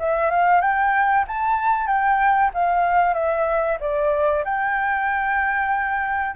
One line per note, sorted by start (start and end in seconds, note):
0.00 0.31 E5
0.31 0.62 F5
0.62 1.25 G5
1.28 1.87 A5
1.87 2.51 G5
2.54 3.14 F5
3.14 3.78 E5
3.81 4.44 D5
4.45 6.36 G5